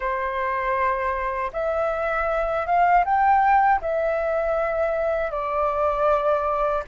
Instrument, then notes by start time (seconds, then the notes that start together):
flute
0.00 C5
1.53 E5
2.66 F5
3.04 G5
3.81 E5
5.31 D5